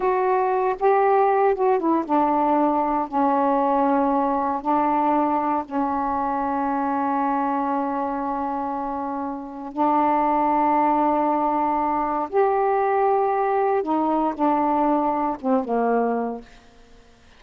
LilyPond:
\new Staff \with { instrumentName = "saxophone" } { \time 4/4 \tempo 4 = 117 fis'4. g'4. fis'8 e'8 | d'2 cis'2~ | cis'4 d'2 cis'4~ | cis'1~ |
cis'2. d'4~ | d'1 | g'2. dis'4 | d'2 c'8 ais4. | }